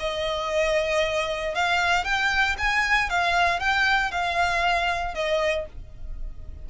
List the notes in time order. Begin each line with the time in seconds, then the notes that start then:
0.00 D#5
1.55 F5
2.05 G5
2.58 G#5
3.10 F5
3.60 G5
4.11 F5
5.15 D#5